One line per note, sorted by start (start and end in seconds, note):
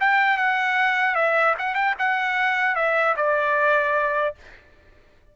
0.00 0.37 G5
0.37 1.15 F#5
1.15 1.54 E5
1.58 1.74 F#5
1.74 1.94 G5
1.98 2.75 F#5
2.75 3.15 E5
3.17 4.35 D5